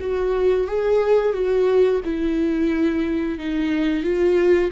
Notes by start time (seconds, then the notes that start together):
0.00 F#4
0.67 G#4
1.33 F#4
2.04 E4
3.39 D#4
4.03 F4